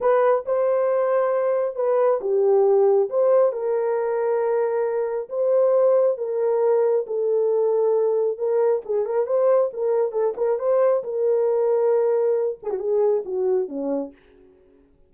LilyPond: \new Staff \with { instrumentName = "horn" } { \time 4/4 \tempo 4 = 136 b'4 c''2. | b'4 g'2 c''4 | ais'1 | c''2 ais'2 |
a'2. ais'4 | gis'8 ais'8 c''4 ais'4 a'8 ais'8 | c''4 ais'2.~ | ais'8 gis'16 fis'16 gis'4 fis'4 cis'4 | }